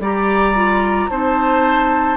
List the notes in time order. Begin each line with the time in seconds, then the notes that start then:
0.00 G3 G4 D5 A#5
0.55 F4
1.10 C4 D#4 C5 A5